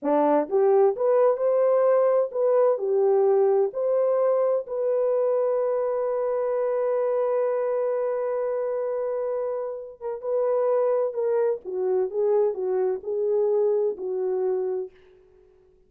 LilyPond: \new Staff \with { instrumentName = "horn" } { \time 4/4 \tempo 4 = 129 d'4 g'4 b'4 c''4~ | c''4 b'4 g'2 | c''2 b'2~ | b'1~ |
b'1~ | b'4. ais'8 b'2 | ais'4 fis'4 gis'4 fis'4 | gis'2 fis'2 | }